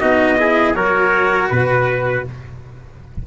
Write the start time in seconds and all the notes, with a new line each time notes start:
0.00 B3 D#4 F#4 D#5
0.38 E4 G#4
0.74 F#3 F#4 A#4 C#5
1.50 B2 B4